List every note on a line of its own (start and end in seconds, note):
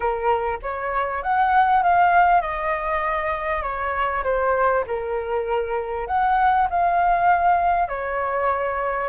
0.00 0.59 A#4
0.62 1.22 C#5
1.22 1.83 F#5
1.83 2.41 F5
2.41 3.62 D#5
3.62 4.23 C#5
4.23 4.84 C5
4.86 6.07 A#4
6.07 6.67 F#5
6.70 7.88 F5
7.88 9.09 C#5